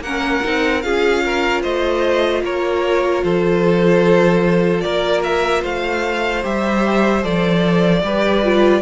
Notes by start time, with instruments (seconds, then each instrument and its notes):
0.00 cello A#3, violin A#4 F#5
0.07 viola C#4
0.43 cello C4, viola D#4
0.82 cello C#4, viola F4, violin G#4 F5
1.25 violin A#4
1.62 cello A3, violin C5 D#5
2.43 cello A#3, violin A#4 C#5
3.24 cello F3, violin A4 C5
4.81 cello A#3, violin A#4 D5
5.24 violin E5
5.61 cello A3, violin C5 F5
6.43 cello G3, viola G4, violin E5
7.22 cello F3, viola A4, violin D5
8.03 cello G3, viola G4, violin B4
8.43 viola F4